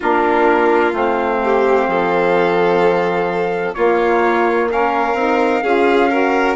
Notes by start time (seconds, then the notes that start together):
0.00 A#3 D4 F4 A#4
0.92 A3 C4 F5
1.43 G4
1.87 F3 A4
3.73 A#3 F4 C#5
4.69 C#4 A#4 F5
5.14 C4 D#4
5.62 C#4 F4 G#4
6.10 F#4 A#4